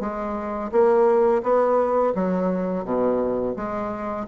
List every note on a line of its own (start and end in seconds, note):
0.00 0.71 G#3
0.72 1.42 A#3
1.42 2.13 B3
2.15 2.84 F#3
2.84 3.55 B2
3.56 4.26 G#3